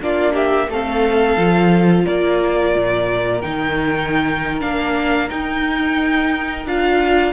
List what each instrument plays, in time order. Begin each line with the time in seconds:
0.00 cello A#3, viola D4, violin F4 D5
0.33 violin G4 E5
0.68 cello A3, viola C4, violin A4 F5
1.37 cello F3, viola F4
2.04 cello A#3, violin A#4 D5
2.75 cello A#2
3.41 cello D#3, viola D#4, violin G5
4.60 cello A#3, viola D4, violin F5
5.29 viola D#4, cello D#4, violin G5
6.65 cello D4, viola F4, violin F5